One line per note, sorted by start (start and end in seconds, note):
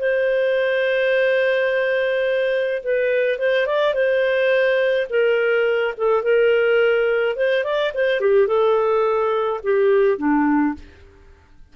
0.00 2.83 C5
2.84 3.39 B4
3.39 3.67 C5
3.67 3.94 D5
3.94 5.08 C5
5.10 5.95 A#4
5.97 6.23 A4
6.23 7.36 A#4
7.36 7.64 C5
7.64 7.92 D5
7.94 8.21 C5
8.21 8.48 G4
8.48 9.61 A4
9.63 10.18 G4
10.18 10.75 D4